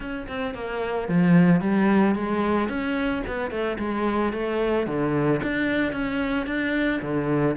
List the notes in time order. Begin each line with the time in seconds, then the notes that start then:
0.00 C#4
0.28 C4
0.54 A#3
1.08 F3
1.61 G3
2.15 G#3
2.68 C#4
3.27 B3
3.50 A3
3.78 G#3
4.32 A3
4.86 D3
5.43 D4
5.92 C#4
6.46 D4
7.01 D3